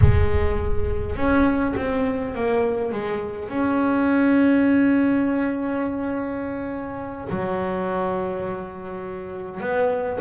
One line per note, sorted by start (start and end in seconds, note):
0.01 1.15 G#3
1.15 1.74 C#4
1.76 2.34 C4
2.34 2.91 A#3
2.91 3.48 G#3
3.48 7.27 C#4
7.29 9.60 F#3
9.60 10.18 B3